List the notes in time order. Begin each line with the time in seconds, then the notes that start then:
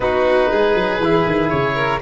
0.00 B3 D#4 F#4 B4
0.51 G#3 G#4
0.74 F#3
0.99 E3 E4
1.26 D#3
1.49 C#3 C#5
1.74 A#4